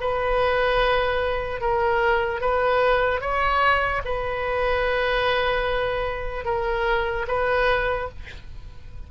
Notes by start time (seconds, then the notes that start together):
0.00 B4
1.61 A#4
2.41 B4
3.21 C#5
4.05 B4
6.45 A#4
7.28 B4